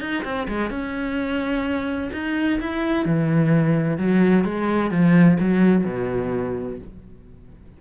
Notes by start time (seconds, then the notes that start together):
0.00 D#4
0.24 C4
0.48 G#3
0.70 C#4
2.12 D#4
2.60 E4
3.05 E3
3.98 F#3
4.44 G#3
4.90 F3
5.39 F#3
5.84 B2